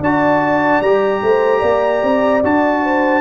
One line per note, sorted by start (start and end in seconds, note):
0.00 0.80 D4
0.00 0.84 F#4
0.00 1.21 D5
0.00 0.81 A5
0.81 1.21 G3
0.81 2.43 G4
0.81 2.41 A#5
1.22 1.62 A3
1.22 1.60 C5
1.60 2.02 A#3
1.60 2.80 D5
2.03 2.43 C4
2.43 3.21 D4
2.43 3.21 F#4
2.43 3.21 A5
2.82 3.21 C5